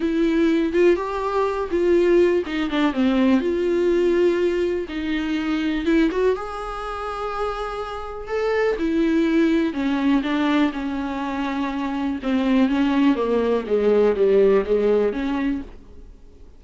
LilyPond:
\new Staff \with { instrumentName = "viola" } { \time 4/4 \tempo 4 = 123 e'4. f'8 g'4. f'8~ | f'4 dis'8 d'8 c'4 f'4~ | f'2 dis'2 | e'8 fis'8 gis'2.~ |
gis'4 a'4 e'2 | cis'4 d'4 cis'2~ | cis'4 c'4 cis'4 ais4 | gis4 g4 gis4 cis'4 | }